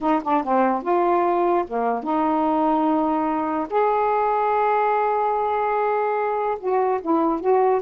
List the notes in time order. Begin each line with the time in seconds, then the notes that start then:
0.01 D#4
0.23 D4
0.43 C4
0.82 F4
1.67 A#3
2.03 D#4
3.70 G#4
6.59 F#4
7.01 E4
7.40 F#4